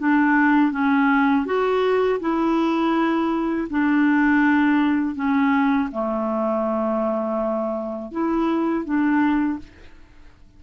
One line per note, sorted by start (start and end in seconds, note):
0.00 0.72 D4
0.72 1.46 C#4
1.46 2.20 F#4
2.21 3.69 E4
3.70 5.16 D4
5.16 5.90 C#4
5.92 8.12 A3
8.12 8.85 E4
8.85 9.59 D4